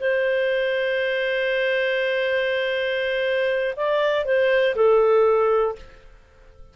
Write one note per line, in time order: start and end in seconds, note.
0.00 3.75 C5
3.76 4.25 D5
4.25 4.75 C5
4.75 5.75 A4